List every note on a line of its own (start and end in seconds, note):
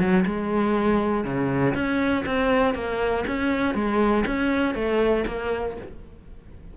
0.00 0.25 F#3
0.26 1.25 G#3
1.25 1.75 C#3
1.75 2.25 C#4
2.26 2.75 C4
2.75 3.25 A#3
3.27 3.75 C#4
3.75 4.25 G#3
4.27 4.75 C#4
4.75 5.25 A3
5.28 5.78 A#3